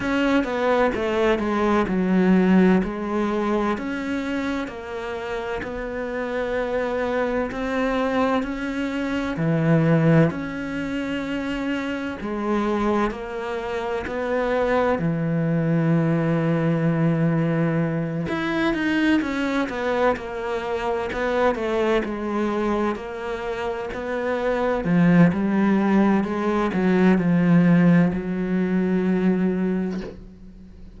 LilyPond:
\new Staff \with { instrumentName = "cello" } { \time 4/4 \tempo 4 = 64 cis'8 b8 a8 gis8 fis4 gis4 | cis'4 ais4 b2 | c'4 cis'4 e4 cis'4~ | cis'4 gis4 ais4 b4 |
e2.~ e8 e'8 | dis'8 cis'8 b8 ais4 b8 a8 gis8~ | gis8 ais4 b4 f8 g4 | gis8 fis8 f4 fis2 | }